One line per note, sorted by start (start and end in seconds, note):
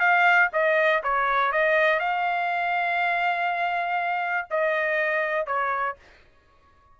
0.00 0.50 F5
0.53 1.03 D#5
1.03 1.52 C#5
1.52 2.00 D#5
2.00 4.48 F5
4.51 5.47 D#5
5.47 5.96 C#5